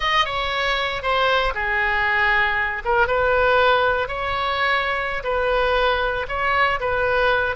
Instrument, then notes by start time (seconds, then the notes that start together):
oboe
0.00 D#5
0.25 C#5
1.02 C5
1.54 G#4
2.85 A#4
3.07 B4
4.08 C#5
5.23 B4
6.28 C#5
6.79 B4